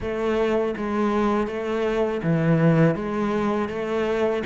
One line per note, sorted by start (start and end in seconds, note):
0.00 0.74 A3
0.76 1.47 G#3
1.47 2.21 A3
2.22 2.95 E3
2.95 3.68 G#3
3.68 4.42 A3